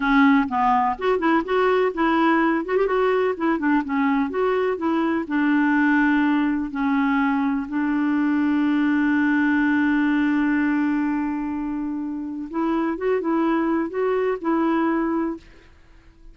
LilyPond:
\new Staff \with { instrumentName = "clarinet" } { \time 4/4 \tempo 4 = 125 cis'4 b4 fis'8 e'8 fis'4 | e'4. fis'16 g'16 fis'4 e'8 d'8 | cis'4 fis'4 e'4 d'4~ | d'2 cis'2 |
d'1~ | d'1~ | d'2 e'4 fis'8 e'8~ | e'4 fis'4 e'2 | }